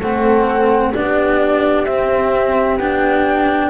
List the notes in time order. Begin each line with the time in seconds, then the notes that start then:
0.00 A3 C4 A4 F#5
0.93 B3 D4 G4 D5
1.85 C4 E5
2.77 B3 D4 G5